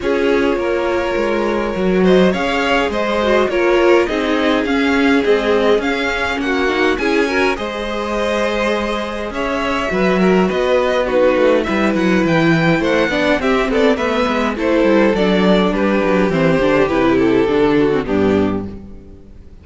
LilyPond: <<
  \new Staff \with { instrumentName = "violin" } { \time 4/4 \tempo 4 = 103 cis''2.~ cis''8 dis''8 | f''4 dis''4 cis''4 dis''4 | f''4 dis''4 f''4 fis''4 | gis''4 dis''2. |
e''2 dis''4 b'4 | e''8 fis''8 g''4 fis''4 e''8 d''8 | e''4 c''4 d''4 b'4 | c''4 b'8 a'4. g'4 | }
  \new Staff \with { instrumentName = "violin" } { \time 4/4 gis'4 ais'2~ ais'8 c''8 | cis''4 c''4 ais'4 gis'4~ | gis'2. fis'4 | gis'8 ais'8 c''2. |
cis''4 b'8 ais'8 b'4 fis'4 | b'2 c''8 d''8 g'8 a'8 | b'4 a'2 g'4~ | g'2~ g'8 fis'8 d'4 | }
  \new Staff \with { instrumentName = "viola" } { \time 4/4 f'2. fis'4 | gis'4. fis'8 f'4 dis'4 | cis'4 gis4 cis'4. dis'8 | e'8 fis'8 gis'2.~ |
gis'4 fis'2 dis'4 | e'2~ e'8 d'8 c'4 | b4 e'4 d'2 | c'8 d'8 e'4 d'8. c'16 b4 | }
  \new Staff \with { instrumentName = "cello" } { \time 4/4 cis'4 ais4 gis4 fis4 | cis'4 gis4 ais4 c'4 | cis'4 c'4 cis'4 ais4 | cis'4 gis2. |
cis'4 fis4 b4. a8 | g8 fis8 e4 a8 b8 c'8 b8 | a8 gis8 a8 g8 fis4 g8 fis8 | e8 d8 c4 d4 g,4 | }
>>